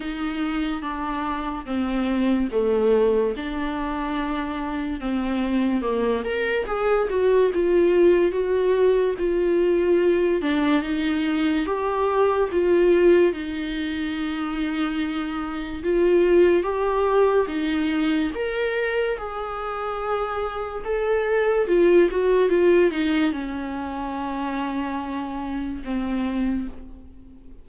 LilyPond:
\new Staff \with { instrumentName = "viola" } { \time 4/4 \tempo 4 = 72 dis'4 d'4 c'4 a4 | d'2 c'4 ais8 ais'8 | gis'8 fis'8 f'4 fis'4 f'4~ | f'8 d'8 dis'4 g'4 f'4 |
dis'2. f'4 | g'4 dis'4 ais'4 gis'4~ | gis'4 a'4 f'8 fis'8 f'8 dis'8 | cis'2. c'4 | }